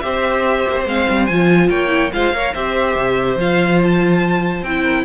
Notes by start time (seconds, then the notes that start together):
0.00 C4 G4 C5 E5
0.68 A#3
0.76 C4
0.86 G#3 C4 F5
1.10 G3
1.26 F3 F4 G#5
1.70 A#3 C#5 G5
1.88 E4
2.13 G#3 F4 C5 F5
2.33 A#3 A#4 C#5
2.54 C4 G4 C5 E5
2.95 C3
3.37 F3 F4 F5
3.83 A5
4.62 C4 E4 G5
4.83 A#4